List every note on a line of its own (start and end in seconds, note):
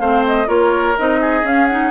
0.00 0.48 A3
0.00 0.46 C4
0.00 0.48 C5
0.00 0.25 F5
0.27 0.49 D#5
0.46 0.96 A#3
0.46 0.95 F4
0.46 1.20 A#4
0.46 0.98 C#5
0.98 1.43 C4
0.98 1.44 D#4
0.98 1.46 D#5
1.20 1.91 G#4
1.43 1.91 C#4
1.43 1.68 C#4
1.43 1.67 F5
1.67 1.91 D#4
1.67 1.91 F#5